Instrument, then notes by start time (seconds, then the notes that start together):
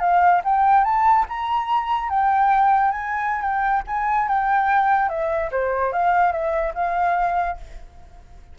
flute
0.00 F5
0.44 G5
0.84 A5
1.29 A#5
2.10 G5
2.91 G#5
3.41 G5
3.87 G#5
4.28 G5
5.09 E5
5.51 C5
5.92 F5
6.32 E5
6.75 F5